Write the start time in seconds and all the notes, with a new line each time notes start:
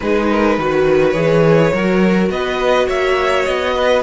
0.00 G#3 D#4 G#4 B4
0.30 A#4
0.57 D#3 F#4 B4
1.10 E3 G#4 C#5
1.73 F#3 F#4 A#4
2.29 B3 B4 D#5
2.87 A#3 C#5 E5
3.44 B3 D#5
3.75 B4